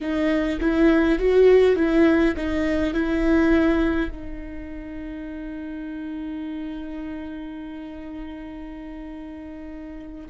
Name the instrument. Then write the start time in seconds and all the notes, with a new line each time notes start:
viola
0.00 D#4
0.60 E4
1.18 F#4
1.76 E4
2.36 D#4
2.93 E4
4.11 D#4